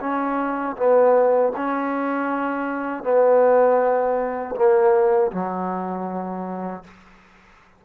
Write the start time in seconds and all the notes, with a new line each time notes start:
0.00 C#4
0.76 B3
1.56 C#4
3.03 B3
4.55 A#3
5.32 F#3